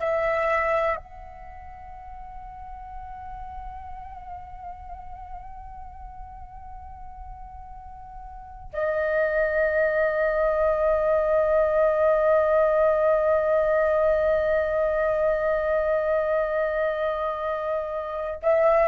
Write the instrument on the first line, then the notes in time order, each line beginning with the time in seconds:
flute
0.00 E5
0.96 F#5
8.73 D#5
18.43 E5